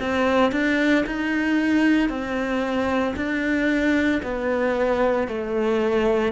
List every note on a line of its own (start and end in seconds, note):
0.00 0.52 C4
0.52 1.05 D4
1.07 2.10 D#4
2.10 3.15 C4
3.16 4.22 D4
4.23 5.28 B3
5.28 6.33 A3